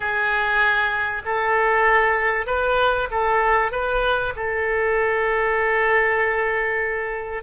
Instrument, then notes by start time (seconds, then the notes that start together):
oboe
0.00 G#4
1.25 A4
2.46 B4
3.11 A4
3.71 B4
4.36 A4